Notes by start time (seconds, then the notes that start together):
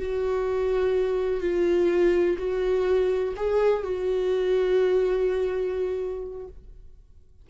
0.00 F#4
1.41 F4
2.38 F#4
3.37 G#4
3.84 F#4